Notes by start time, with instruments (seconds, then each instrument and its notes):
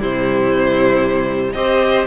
0.00 cello C3, viola G3, violin E4 C5
1.53 cello C4, viola G4, violin C5 D#5